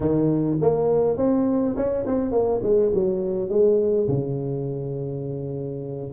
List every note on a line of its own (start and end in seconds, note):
0.00 0.57 D#3
0.61 1.17 A#3
1.17 1.75 C4
1.76 2.05 C#4
2.06 2.31 C4
2.31 2.60 A#3
2.62 2.91 G#3
2.94 3.49 F#3
3.49 4.07 G#3
4.08 6.12 C#3